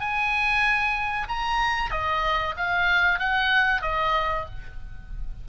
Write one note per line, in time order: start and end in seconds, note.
0.00 1.28 G#5
1.29 1.91 A#5
1.91 2.55 D#5
2.57 3.19 F5
3.19 3.82 F#5
3.82 4.46 D#5